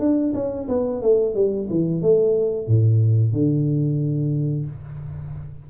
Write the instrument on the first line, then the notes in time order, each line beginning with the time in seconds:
tuba
0.00 D4
0.34 C#4
0.69 B3
1.02 A3
1.35 G3
1.70 E3
2.02 A3
2.68 A2
3.33 D3